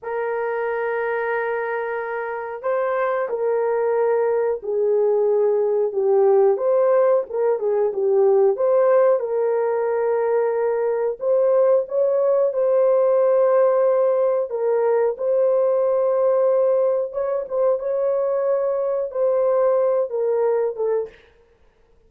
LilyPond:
\new Staff \with { instrumentName = "horn" } { \time 4/4 \tempo 4 = 91 ais'1 | c''4 ais'2 gis'4~ | gis'4 g'4 c''4 ais'8 gis'8 | g'4 c''4 ais'2~ |
ais'4 c''4 cis''4 c''4~ | c''2 ais'4 c''4~ | c''2 cis''8 c''8 cis''4~ | cis''4 c''4. ais'4 a'8 | }